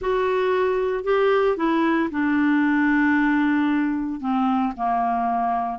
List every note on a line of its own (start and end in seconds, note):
0.01 1.04 F#4
1.04 1.56 G4
1.56 2.09 E4
2.11 4.20 D4
4.20 4.73 C4
4.76 5.78 A#3